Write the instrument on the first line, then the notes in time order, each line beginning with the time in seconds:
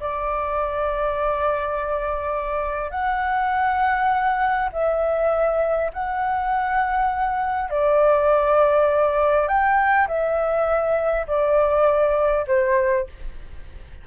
flute
0.00 D5
2.91 F#5
4.72 E5
5.94 F#5
7.70 D5
9.48 G5
10.08 E5
11.27 D5
12.48 C5